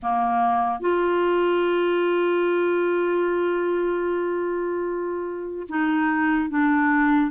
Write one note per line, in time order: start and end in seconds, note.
0.02 0.80 A#3
0.80 5.66 F4
5.68 6.49 D#4
6.49 7.30 D4